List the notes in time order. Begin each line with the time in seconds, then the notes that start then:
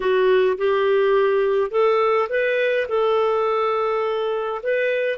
0.00 F#4
0.57 G4
1.70 A4
2.29 B4
2.88 A4
4.62 B4